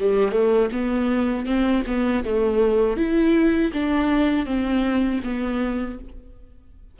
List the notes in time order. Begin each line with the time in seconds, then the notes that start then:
0.00 G3
0.32 A3
0.72 B3
1.46 C4
1.87 B3
2.25 A3
2.97 E4
3.73 D4
4.46 C4
5.24 B3